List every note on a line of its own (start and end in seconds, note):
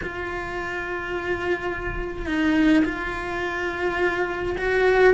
0.02 2.26 F4
2.26 2.83 D#4
2.84 4.56 F4
4.57 5.14 F#4